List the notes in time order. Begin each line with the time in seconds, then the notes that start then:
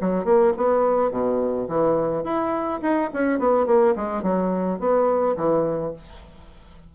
0.00 F#3
0.24 A#3
0.57 B3
1.11 B2
1.68 E3
2.23 E4
2.81 D#4
3.13 C#4
3.39 B3
3.66 A#3
3.95 G#3
4.22 F#3
4.79 B3
5.36 E3